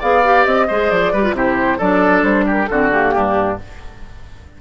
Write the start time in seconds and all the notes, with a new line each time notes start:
0.00 B3 G#4 D5 F5
0.24 G4
0.45 C4 D#5
0.68 G#3 G#4 C5
0.90 F3 D5
1.12 G3 G4 B4
1.24 F4
1.33 C3 E4 G4 C5
1.78 F#3 D4 A4 D5
2.23 G3 C5
2.47 G4 A#4
2.66 D3 C4 F#4 A4
2.92 A#3 G4
3.14 G2 D4